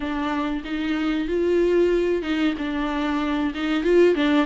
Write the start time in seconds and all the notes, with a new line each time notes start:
0.00 D4
0.64 D#4
1.28 F4
2.22 D#4
2.57 D4
3.54 D#4
3.83 F4
4.15 D4